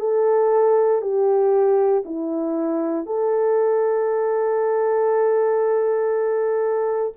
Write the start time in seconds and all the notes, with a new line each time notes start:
0.00 A4
1.01 G4
2.05 E4
3.06 A4